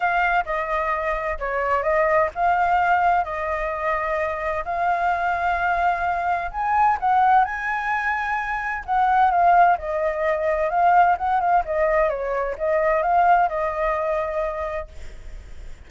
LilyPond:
\new Staff \with { instrumentName = "flute" } { \time 4/4 \tempo 4 = 129 f''4 dis''2 cis''4 | dis''4 f''2 dis''4~ | dis''2 f''2~ | f''2 gis''4 fis''4 |
gis''2. fis''4 | f''4 dis''2 f''4 | fis''8 f''8 dis''4 cis''4 dis''4 | f''4 dis''2. | }